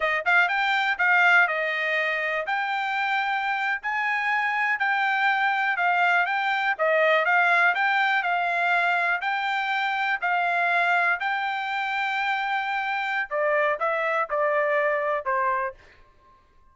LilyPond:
\new Staff \with { instrumentName = "trumpet" } { \time 4/4 \tempo 4 = 122 dis''8 f''8 g''4 f''4 dis''4~ | dis''4 g''2~ g''8. gis''16~ | gis''4.~ gis''16 g''2 f''16~ | f''8. g''4 dis''4 f''4 g''16~ |
g''8. f''2 g''4~ g''16~ | g''8. f''2 g''4~ g''16~ | g''2. d''4 | e''4 d''2 c''4 | }